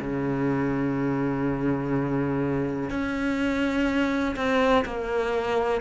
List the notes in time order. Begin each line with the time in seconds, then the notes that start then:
0.00 C#3
2.90 C#4
4.36 C4
4.85 A#3